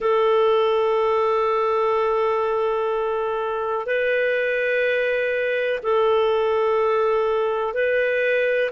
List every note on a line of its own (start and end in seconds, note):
0.00 3.85 A4
3.85 5.79 B4
5.82 7.73 A4
7.73 8.70 B4